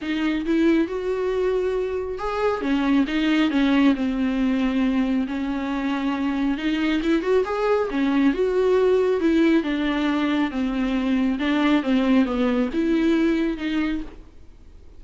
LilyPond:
\new Staff \with { instrumentName = "viola" } { \time 4/4 \tempo 4 = 137 dis'4 e'4 fis'2~ | fis'4 gis'4 cis'4 dis'4 | cis'4 c'2. | cis'2. dis'4 |
e'8 fis'8 gis'4 cis'4 fis'4~ | fis'4 e'4 d'2 | c'2 d'4 c'4 | b4 e'2 dis'4 | }